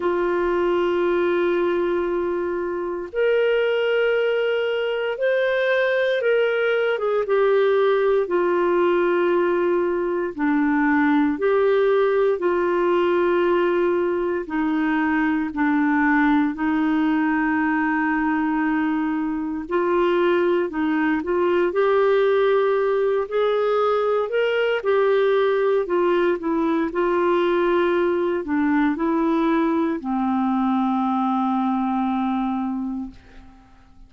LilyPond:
\new Staff \with { instrumentName = "clarinet" } { \time 4/4 \tempo 4 = 58 f'2. ais'4~ | ais'4 c''4 ais'8. gis'16 g'4 | f'2 d'4 g'4 | f'2 dis'4 d'4 |
dis'2. f'4 | dis'8 f'8 g'4. gis'4 ais'8 | g'4 f'8 e'8 f'4. d'8 | e'4 c'2. | }